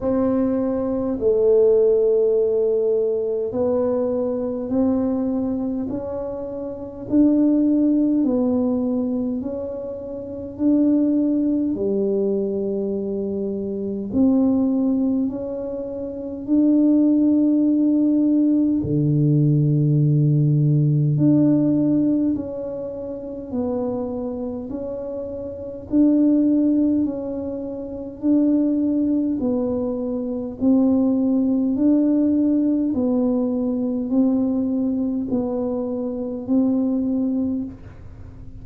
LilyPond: \new Staff \with { instrumentName = "tuba" } { \time 4/4 \tempo 4 = 51 c'4 a2 b4 | c'4 cis'4 d'4 b4 | cis'4 d'4 g2 | c'4 cis'4 d'2 |
d2 d'4 cis'4 | b4 cis'4 d'4 cis'4 | d'4 b4 c'4 d'4 | b4 c'4 b4 c'4 | }